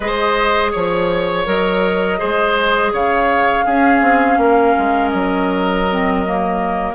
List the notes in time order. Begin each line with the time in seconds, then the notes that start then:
0.00 G#3 G#4 C5 D#5
0.71 F3 C#5
1.45 F#3 A#4 D#5
2.18 G#3 G#4 C5
2.92 C#3 C#5 F5
3.65 C#4 G#4
4.01 C4
4.37 A#3 A#4
4.78 G#3
5.09 F#3 D#5
5.90 C4
6.25 A#3